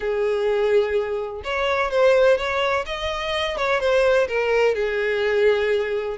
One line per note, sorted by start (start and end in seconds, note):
0.00 1.42 G#4
1.44 1.90 C#5
1.90 2.37 C5
2.37 2.85 C#5
2.85 3.57 D#5
3.57 3.80 C#5
3.80 4.27 C5
4.28 4.74 A#4
4.74 6.17 G#4